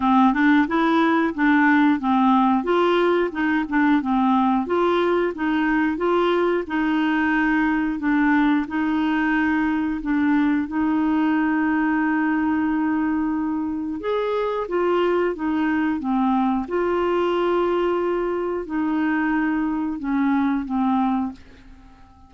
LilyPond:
\new Staff \with { instrumentName = "clarinet" } { \time 4/4 \tempo 4 = 90 c'8 d'8 e'4 d'4 c'4 | f'4 dis'8 d'8 c'4 f'4 | dis'4 f'4 dis'2 | d'4 dis'2 d'4 |
dis'1~ | dis'4 gis'4 f'4 dis'4 | c'4 f'2. | dis'2 cis'4 c'4 | }